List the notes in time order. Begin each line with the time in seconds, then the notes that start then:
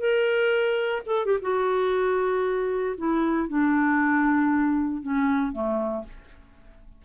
0.00 A#4
1.06 A4
1.26 G4
1.42 F#4
2.98 E4
3.49 D4
5.02 C#4
5.53 A3